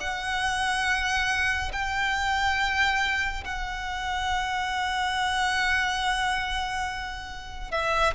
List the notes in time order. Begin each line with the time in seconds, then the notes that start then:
0.00 F#5
1.72 G5
3.44 F#5
7.71 E5